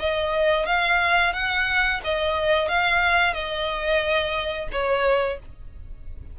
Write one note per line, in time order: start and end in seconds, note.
0.00 0.66 D#5
0.66 1.34 F5
1.34 2.01 F#5
2.04 2.69 D#5
2.69 3.34 F5
3.34 4.69 D#5
4.73 5.40 C#5